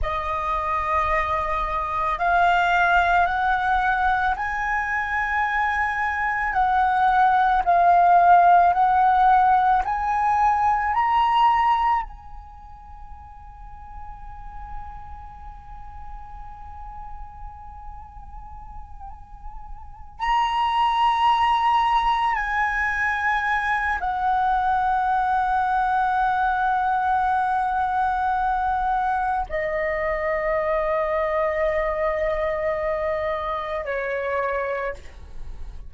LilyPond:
\new Staff \with { instrumentName = "flute" } { \time 4/4 \tempo 4 = 55 dis''2 f''4 fis''4 | gis''2 fis''4 f''4 | fis''4 gis''4 ais''4 gis''4~ | gis''1~ |
gis''2~ gis''8 ais''4.~ | ais''8 gis''4. fis''2~ | fis''2. dis''4~ | dis''2. cis''4 | }